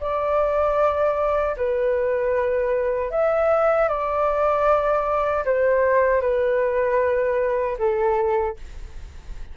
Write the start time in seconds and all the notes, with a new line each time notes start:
0.00 D5
1.57 B4
3.10 E5
3.88 D5
5.45 C5
6.21 B4
7.78 A4